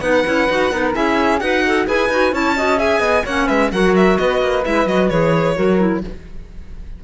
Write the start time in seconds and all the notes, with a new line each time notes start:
0.00 B3 D#4 B4 F#5
0.24 C#4 E4
0.49 D#4 F#4
0.71 B3 D#4 A#4
0.93 C#4 E4 G#4 E5
1.39 D#4 F#4 B4 F#5
1.67 A4
1.86 E4 G#4 B4 G#5
2.09 D#4 F#4
2.32 C#4 E4 C#5 A5
2.56 F#4 D#5
2.77 G#4 E5 G#5
3.00 B3 D#5
3.24 A#3 C#4 C#5 F#5
3.46 G#3 B4 E5
3.71 F#3 F#4 A#4 F#5
3.95 E5
4.17 B3 B4 D#5
4.41 A#3
4.63 G#3 E4 E5
4.86 F#3 F#4 D#5
5.08 E3 G#4 C#5
5.55 F#3 F#4 A#4
5.77 E4